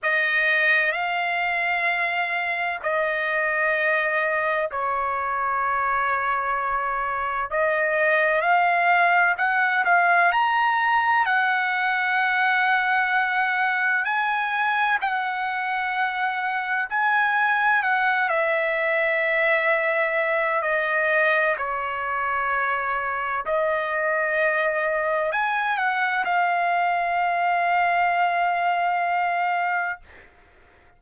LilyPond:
\new Staff \with { instrumentName = "trumpet" } { \time 4/4 \tempo 4 = 64 dis''4 f''2 dis''4~ | dis''4 cis''2. | dis''4 f''4 fis''8 f''8 ais''4 | fis''2. gis''4 |
fis''2 gis''4 fis''8 e''8~ | e''2 dis''4 cis''4~ | cis''4 dis''2 gis''8 fis''8 | f''1 | }